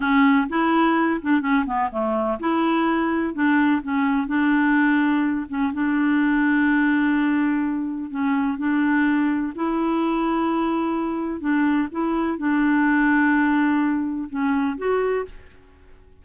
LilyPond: \new Staff \with { instrumentName = "clarinet" } { \time 4/4 \tempo 4 = 126 cis'4 e'4. d'8 cis'8 b8 | a4 e'2 d'4 | cis'4 d'2~ d'8 cis'8 | d'1~ |
d'4 cis'4 d'2 | e'1 | d'4 e'4 d'2~ | d'2 cis'4 fis'4 | }